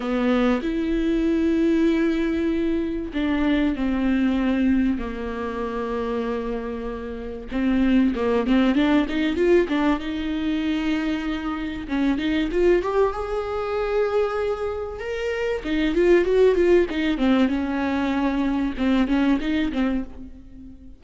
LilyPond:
\new Staff \with { instrumentName = "viola" } { \time 4/4 \tempo 4 = 96 b4 e'2.~ | e'4 d'4 c'2 | ais1 | c'4 ais8 c'8 d'8 dis'8 f'8 d'8 |
dis'2. cis'8 dis'8 | f'8 g'8 gis'2. | ais'4 dis'8 f'8 fis'8 f'8 dis'8 c'8 | cis'2 c'8 cis'8 dis'8 c'8 | }